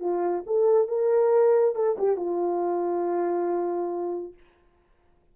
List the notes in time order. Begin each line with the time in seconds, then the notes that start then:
0.00 F4
0.46 A4
0.88 A#4
1.75 A4
1.98 G4
2.16 F4